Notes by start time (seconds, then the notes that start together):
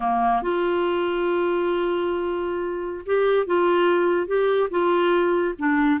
0.00 A#3
0.42 F4
3.06 G4
3.46 F4
4.27 G4
4.70 F4
5.58 D4